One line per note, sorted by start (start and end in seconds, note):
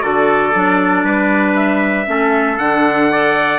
0.00 0.54 D3
0.00 0.52 F#4
0.00 1.04 A4
0.00 1.54 D5
0.54 1.04 F#3
0.54 2.05 D4
1.04 2.06 G3
1.04 2.07 B4
1.56 2.58 E5
2.05 2.58 A3
2.05 2.56 C#4
2.05 3.11 A4
2.58 3.59 D3
2.58 3.11 D4
2.58 3.59 F#5
3.11 3.59 A4
3.11 3.59 D5